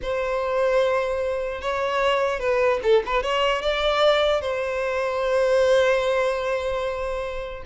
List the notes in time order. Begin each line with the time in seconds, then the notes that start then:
0.01 C5
1.61 C#5
2.39 B4
2.83 A4
3.05 B4
3.23 C#5
3.61 D5
4.41 C5